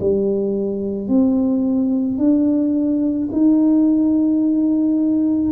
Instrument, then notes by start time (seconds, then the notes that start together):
tuba
0.00 G3
1.08 C4
2.18 D4
3.32 D#4